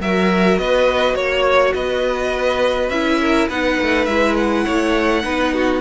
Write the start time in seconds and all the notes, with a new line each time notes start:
0.00 F#3 F#4 A#4 E5
0.58 B3 B4 D#5
1.15 A#3 C#5
1.74 B3 B4 D#5
2.89 C#4 E4 E5
3.21 A#4
3.48 B3 D#4 B4 F#5
3.82 A3
4.05 G#3 E4 E5
4.37 F#5
4.64 A3 C#5
5.23 B3 D#4 B4
5.54 F#4